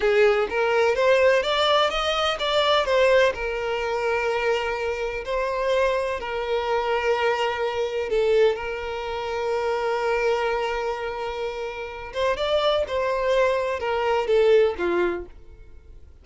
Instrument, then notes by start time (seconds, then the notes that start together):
violin
0.00 G#4
0.49 A#4
0.95 C5
1.42 D5
1.90 D#5
2.39 D5
2.85 C5
3.34 A#4
5.24 C5
6.19 A#4
8.09 A4
8.55 A#4
12.13 C5
12.36 D5
12.87 C5
13.79 A#4
14.27 A4
14.77 F4